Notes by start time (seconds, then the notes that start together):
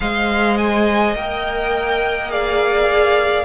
0.00 G#3 C5 D#5 F5
0.57 G#5
1.14 A#3 A#4 G5
2.29 G#4 D5 F5